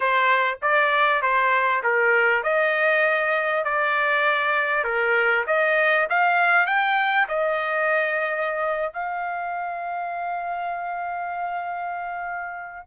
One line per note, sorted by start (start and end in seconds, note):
0.00 0.58 C5
0.61 1.21 D5
1.21 1.82 C5
1.83 2.43 A#4
2.43 3.64 D#5
3.64 4.84 D5
4.84 5.44 A#4
5.47 6.07 D#5
6.09 6.66 F5
6.66 7.27 G5
7.28 8.93 D#5
8.93 12.87 F5